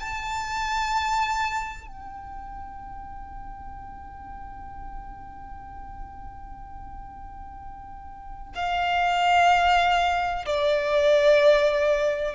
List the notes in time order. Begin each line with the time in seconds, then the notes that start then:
0.00 A5
1.87 G5
8.55 F5
10.46 D5